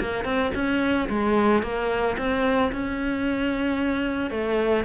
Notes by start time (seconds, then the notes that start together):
0.00 A#3
0.24 C4
0.55 C#4
1.09 G#3
1.62 A#3
2.18 C4
2.72 C#4
4.30 A3